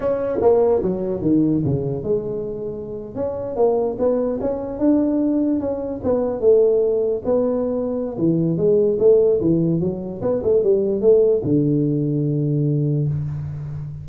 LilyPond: \new Staff \with { instrumentName = "tuba" } { \time 4/4 \tempo 4 = 147 cis'4 ais4 fis4 dis4 | cis4 gis2~ gis8. cis'16~ | cis'8. ais4 b4 cis'4 d'16~ | d'4.~ d'16 cis'4 b4 a16~ |
a4.~ a16 b2~ b16 | e4 gis4 a4 e4 | fis4 b8 a8 g4 a4 | d1 | }